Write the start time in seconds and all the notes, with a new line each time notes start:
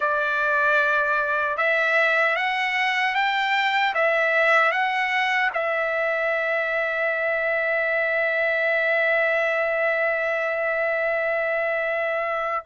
0.00 D5
1.57 E5
2.35 F#5
3.14 G5
3.94 E5
4.71 F#5
5.53 E5